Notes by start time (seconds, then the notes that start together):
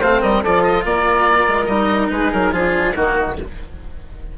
0.00 A3 C4 C5 F5
0.20 G3 A#4 D#5
0.42 F3 F4 A4 D5
0.63 D#5
0.84 A#3 A#4 D5
1.48 G#3
1.65 G3 D#4 D#5
2.10 G#3 G#4 B4
2.32 F#3 A#4
2.51 F3 D4 F4 G#4
2.95 D#3 A#3 D#4 F#4